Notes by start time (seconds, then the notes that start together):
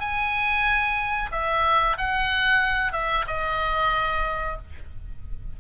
0.00 G#5
1.32 E5
1.97 F#5
2.93 E5
3.27 D#5